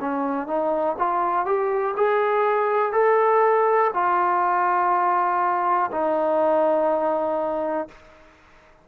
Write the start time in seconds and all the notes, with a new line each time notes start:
0.00 C#4
0.46 D#4
0.98 F4
1.45 G4
1.96 G#4
2.92 A4
3.93 F4
5.91 D#4